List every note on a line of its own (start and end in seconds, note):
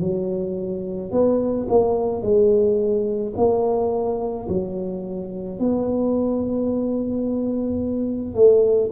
0.00 1.11 F#3
1.11 1.67 B3
1.69 2.22 A#3
2.22 3.33 G#3
3.36 4.47 A#3
4.48 5.59 F#3
5.59 8.34 B3
8.34 8.90 A3